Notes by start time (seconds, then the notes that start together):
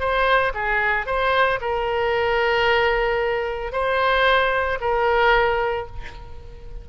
0.00 C5
0.54 G#4
1.06 C5
1.61 A#4
3.72 C5
4.81 A#4